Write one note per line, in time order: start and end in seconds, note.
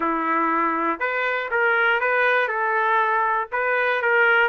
0.00 0.99 E4
0.99 1.49 B4
1.50 2.00 A#4
2.00 2.48 B4
2.48 3.48 A4
3.52 4.02 B4
4.02 4.49 A#4